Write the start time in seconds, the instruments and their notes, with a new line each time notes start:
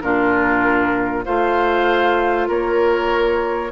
0.00 bassoon A#2, clarinet D4, oboe F4, flute A#4
1.24 bassoon A3, clarinet F4, oboe C5, flute F5
2.48 bassoon A#3, oboe A#4, flute C#5